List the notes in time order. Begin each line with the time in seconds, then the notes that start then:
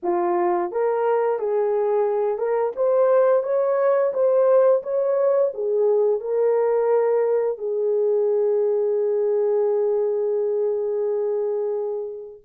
0.02 F4
0.71 A#4
1.39 G#4
2.38 A#4
2.76 C5
3.43 C#5
4.13 C5
4.82 C#5
5.53 G#4
6.20 A#4
7.58 G#4